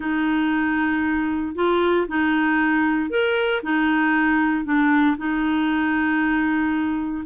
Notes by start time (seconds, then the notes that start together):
0.00 D#4
1.55 F4
2.08 D#4
3.09 A#4
3.62 D#4
4.64 D4
5.17 D#4